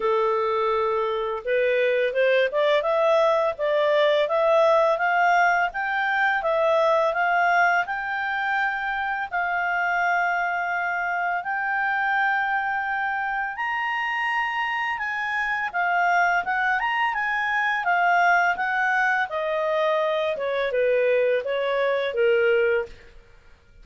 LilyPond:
\new Staff \with { instrumentName = "clarinet" } { \time 4/4 \tempo 4 = 84 a'2 b'4 c''8 d''8 | e''4 d''4 e''4 f''4 | g''4 e''4 f''4 g''4~ | g''4 f''2. |
g''2. ais''4~ | ais''4 gis''4 f''4 fis''8 ais''8 | gis''4 f''4 fis''4 dis''4~ | dis''8 cis''8 b'4 cis''4 ais'4 | }